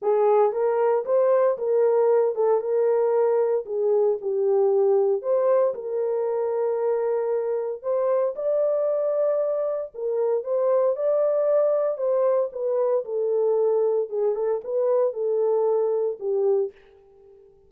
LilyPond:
\new Staff \with { instrumentName = "horn" } { \time 4/4 \tempo 4 = 115 gis'4 ais'4 c''4 ais'4~ | ais'8 a'8 ais'2 gis'4 | g'2 c''4 ais'4~ | ais'2. c''4 |
d''2. ais'4 | c''4 d''2 c''4 | b'4 a'2 gis'8 a'8 | b'4 a'2 g'4 | }